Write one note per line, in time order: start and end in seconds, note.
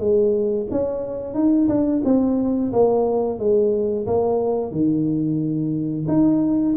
0.00 0.67 G#3
0.71 1.35 C#4
1.35 1.69 D#4
1.69 2.03 D4
2.05 2.72 C4
2.73 3.39 A#3
3.39 4.07 G#3
4.07 4.72 A#3
4.72 6.06 D#3
6.08 6.76 D#4